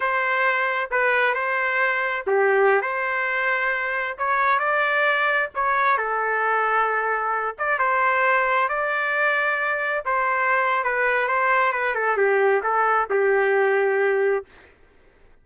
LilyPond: \new Staff \with { instrumentName = "trumpet" } { \time 4/4 \tempo 4 = 133 c''2 b'4 c''4~ | c''4 g'4~ g'16 c''4.~ c''16~ | c''4~ c''16 cis''4 d''4.~ d''16~ | d''16 cis''4 a'2~ a'8.~ |
a'8. d''8 c''2 d''8.~ | d''2~ d''16 c''4.~ c''16 | b'4 c''4 b'8 a'8 g'4 | a'4 g'2. | }